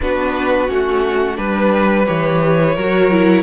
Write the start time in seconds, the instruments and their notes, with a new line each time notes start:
0.01 cello B3, viola D4, violin F#4 B4
0.68 cello A3, viola C#4, violin F#4
1.35 cello G3, viola D4, violin B4
2.06 cello E3, viola G4, violin C#5
2.74 cello F#3, viola F#4, violin A#4
3.10 viola E4